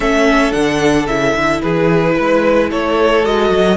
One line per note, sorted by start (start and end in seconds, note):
0.00 0.52 A3
0.00 0.51 C#4
0.00 1.62 A4
0.00 0.52 E5
0.51 1.07 D3
0.51 1.06 D4
0.51 1.06 F#5
1.07 1.34 C#3
1.07 3.24 E4
1.07 1.61 E5
1.34 1.61 D3
1.61 2.18 E3
1.61 2.15 G#4
1.61 2.69 B4
2.15 2.71 G#3
2.15 2.69 B4
2.70 3.24 A3
2.70 3.76 A4
2.70 3.25 C#5
3.24 3.49 G#3
3.24 3.76 F#4
3.24 3.76 D#5
3.49 3.76 F#3